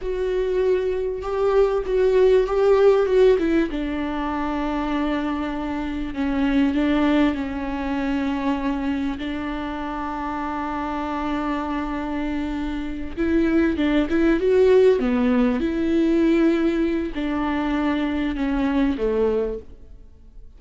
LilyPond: \new Staff \with { instrumentName = "viola" } { \time 4/4 \tempo 4 = 98 fis'2 g'4 fis'4 | g'4 fis'8 e'8 d'2~ | d'2 cis'4 d'4 | cis'2. d'4~ |
d'1~ | d'4. e'4 d'8 e'8 fis'8~ | fis'8 b4 e'2~ e'8 | d'2 cis'4 a4 | }